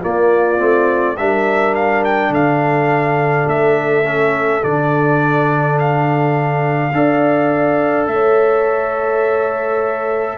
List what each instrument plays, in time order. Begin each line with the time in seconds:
0.00 trombone A#3, tuba A#3, horn F4, trumpet D5
0.58 tuba A3, trombone C4
1.16 tuba G3, trombone D4, horn A#4, trumpet E5
1.74 trumpet F5
2.04 trumpet G5
2.29 tuba D3, horn A4, trumpet F5
3.47 tuba A3, trumpet E5
4.03 trombone C#4
4.62 tuba D3, trombone D4, trumpet D5
5.79 trumpet F5
6.92 tuba D4, trombone A4, horn D5
8.07 tuba A3, horn C#5, trumpet E5